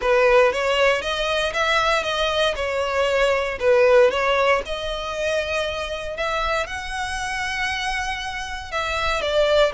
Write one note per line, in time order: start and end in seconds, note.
0.01 0.52 B4
0.52 1.01 C#5
1.01 1.52 D#5
1.53 2.03 E5
2.03 2.54 D#5
2.55 3.58 C#5
3.59 4.10 B4
4.10 4.62 C#5
4.65 6.17 D#5
6.17 6.67 E5
6.67 8.71 F#5
8.71 9.21 E5
9.21 9.72 D5